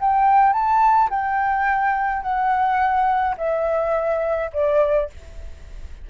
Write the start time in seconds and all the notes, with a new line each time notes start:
0.00 G5
0.52 A5
1.10 G5
2.22 F#5
3.37 E5
4.53 D5